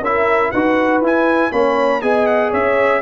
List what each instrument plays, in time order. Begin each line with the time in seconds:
0.00 tuba C#4, trombone E4, horn A#4, trumpet E5
0.50 tuba D#4, trombone F#4, horn B4, trumpet F#5
1.00 tuba E4, trombone E4, trumpet G#5
1.51 tuba A#3, trombone C#4, horn C#5, trumpet B5
2.01 tuba B3, trombone G#4, horn D#5, trumpet G#5
2.26 trumpet F#5
2.50 tuba C#4, horn C#5, trumpet E5